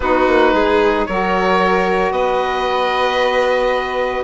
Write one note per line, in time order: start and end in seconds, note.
0.00 0.26 B3
0.00 1.08 D#4
0.00 0.54 F#4
0.00 1.05 B4
0.27 0.53 A#3
0.53 1.06 G#3
0.53 1.07 G#4
1.05 2.11 F#3
1.05 4.24 F#4
1.05 2.12 A#4
1.05 2.12 C#5
2.11 4.23 B3
2.11 4.24 B4
2.11 4.24 D#5